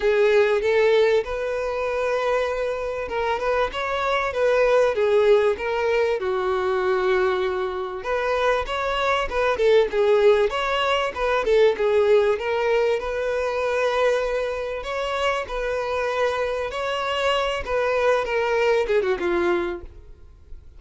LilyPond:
\new Staff \with { instrumentName = "violin" } { \time 4/4 \tempo 4 = 97 gis'4 a'4 b'2~ | b'4 ais'8 b'8 cis''4 b'4 | gis'4 ais'4 fis'2~ | fis'4 b'4 cis''4 b'8 a'8 |
gis'4 cis''4 b'8 a'8 gis'4 | ais'4 b'2. | cis''4 b'2 cis''4~ | cis''8 b'4 ais'4 gis'16 fis'16 f'4 | }